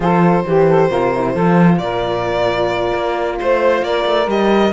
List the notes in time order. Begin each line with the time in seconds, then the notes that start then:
0.00 F3 F4 A4 C5
0.45 E3 G4
0.67 A4
0.88 C3 F4 A#4
1.14 E4
1.33 F3 F4 A4
1.78 A#2 A#4 D5
2.94 A#3
3.39 A3 C5
3.82 A#3 A#4 D5
4.05 A3
4.27 G3 G4 D#5